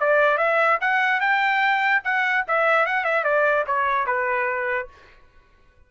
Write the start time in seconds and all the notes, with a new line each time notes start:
0.00 D5
0.37 E5
0.81 F#5
1.20 G5
2.04 F#5
2.48 E5
2.86 F#5
3.04 E5
3.24 D5
3.67 C#5
4.06 B4